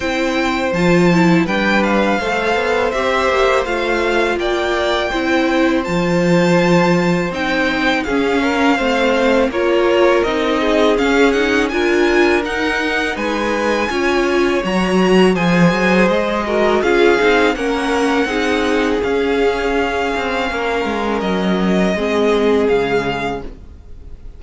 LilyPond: <<
  \new Staff \with { instrumentName = "violin" } { \time 4/4 \tempo 4 = 82 g''4 a''4 g''8 f''4. | e''4 f''4 g''2 | a''2 g''4 f''4~ | f''4 cis''4 dis''4 f''8 fis''8 |
gis''4 fis''4 gis''2 | ais''4 gis''4 dis''4 f''4 | fis''2 f''2~ | f''4 dis''2 f''4 | }
  \new Staff \with { instrumentName = "violin" } { \time 4/4 c''2 b'4 c''4~ | c''2 d''4 c''4~ | c''2. gis'8 ais'8 | c''4 ais'4. gis'4. |
ais'2 b'4 cis''4~ | cis''4 c''4. ais'8 gis'4 | ais'4 gis'2. | ais'2 gis'2 | }
  \new Staff \with { instrumentName = "viola" } { \time 4/4 e'4 f'8 e'8 d'4 a'4 | g'4 f'2 e'4 | f'2 dis'4 cis'4 | c'4 f'4 dis'4 cis'8 dis'8 |
f'4 dis'2 f'4 | fis'4 gis'4. fis'8 f'8 dis'8 | cis'4 dis'4 cis'2~ | cis'2 c'4 gis4 | }
  \new Staff \with { instrumentName = "cello" } { \time 4/4 c'4 f4 g4 a8 b8 | c'8 ais8 a4 ais4 c'4 | f2 c'4 cis'4 | a4 ais4 c'4 cis'4 |
d'4 dis'4 gis4 cis'4 | fis4 f8 fis8 gis4 cis'8 c'8 | ais4 c'4 cis'4. c'8 | ais8 gis8 fis4 gis4 cis4 | }
>>